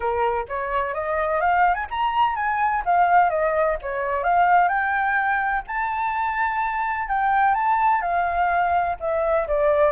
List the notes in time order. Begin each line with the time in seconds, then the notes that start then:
0.00 A#4
0.48 C#5
0.94 D#5
1.40 F5
1.74 G#5
1.90 A#5
2.35 G#5
2.85 F5
3.29 D#5
3.82 C#5
4.23 F5
4.68 G5
5.67 A5
7.08 G5
7.54 A5
8.01 F5
9.00 E5
9.47 D5